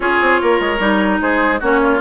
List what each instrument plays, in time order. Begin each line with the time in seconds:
0.00 bassoon C#4, clarinet F4, oboe G#4, flute C#5
0.21 bassoon C4
0.41 bassoon A#3, oboe A#4
0.60 bassoon G#3
0.78 bassoon G3, clarinet D#4
1.21 bassoon G#3, oboe G#4, flute C5
1.60 bassoon A#3, clarinet C#4, oboe F#4, flute C#5
1.83 oboe F4